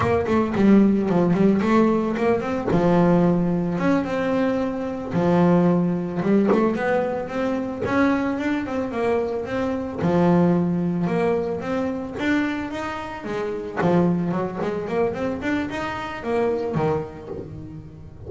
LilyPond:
\new Staff \with { instrumentName = "double bass" } { \time 4/4 \tempo 4 = 111 ais8 a8 g4 f8 g8 a4 | ais8 c'8 f2 cis'8 c'8~ | c'4. f2 g8 | a8 b4 c'4 cis'4 d'8 |
c'8 ais4 c'4 f4.~ | f8 ais4 c'4 d'4 dis'8~ | dis'8 gis4 f4 fis8 gis8 ais8 | c'8 d'8 dis'4 ais4 dis4 | }